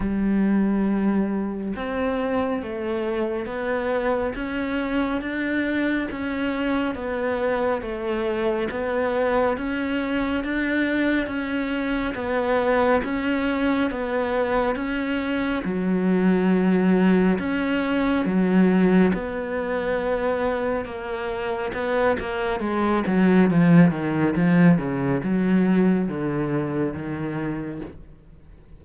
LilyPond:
\new Staff \with { instrumentName = "cello" } { \time 4/4 \tempo 4 = 69 g2 c'4 a4 | b4 cis'4 d'4 cis'4 | b4 a4 b4 cis'4 | d'4 cis'4 b4 cis'4 |
b4 cis'4 fis2 | cis'4 fis4 b2 | ais4 b8 ais8 gis8 fis8 f8 dis8 | f8 cis8 fis4 d4 dis4 | }